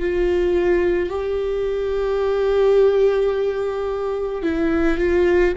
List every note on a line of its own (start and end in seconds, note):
0.00 1.10 F4
1.10 4.43 G4
4.43 4.98 E4
4.98 5.54 F4